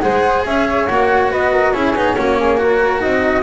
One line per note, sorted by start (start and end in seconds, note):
0.00 0.45 G#3
0.00 0.88 G#4
0.00 0.47 C5
0.00 0.43 F#5
0.45 0.88 C#4
0.45 1.32 C#5
0.45 0.87 E5
0.87 1.33 A#3
0.87 1.74 F#4
0.87 1.30 F#5
1.32 1.74 B3
1.32 1.53 B4
1.32 1.72 D#5
1.53 1.74 A#4
1.72 1.95 C#4
1.72 1.96 E4
1.72 2.16 G#4
1.72 3.01 C#5
1.95 2.16 B3
1.95 2.16 D#4
2.16 3.04 A#3
2.16 2.58 C#4
2.16 2.37 F#4
2.40 2.61 G#4
2.58 3.43 F#4
2.58 3.01 A#4
3.01 3.43 C4
3.01 3.43 D#4
3.01 3.43 D#5